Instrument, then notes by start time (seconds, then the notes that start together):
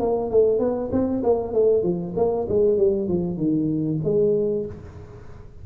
tuba
0.00 A#3
0.31 A3
0.60 B3
0.92 C4
1.23 A#3
1.54 A3
1.83 F3
2.16 A#3
2.49 G#3
2.78 G3
3.08 F3
3.37 D#3
4.04 G#3